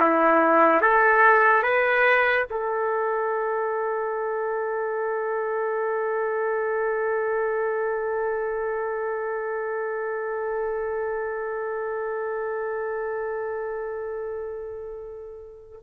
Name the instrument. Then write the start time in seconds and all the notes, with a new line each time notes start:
trumpet
0.00 E4
0.82 A4
1.63 B4
2.51 A4